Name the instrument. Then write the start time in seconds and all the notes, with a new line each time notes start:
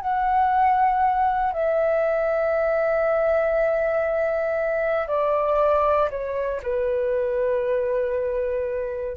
flute
0.00 F#5
1.52 E5
5.07 D5
6.09 C#5
6.62 B4